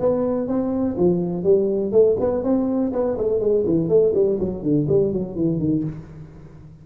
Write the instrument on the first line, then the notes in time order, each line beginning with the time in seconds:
tuba
0.00 B3
0.48 C4
0.98 F3
1.44 G3
1.92 A3
2.20 B3
2.44 C4
2.93 B3
3.18 A3
3.40 G#3
3.67 E3
3.89 A3
4.15 G3
4.40 F#3
4.63 D3
4.89 G3
5.13 F#3
5.36 E3
5.59 D#3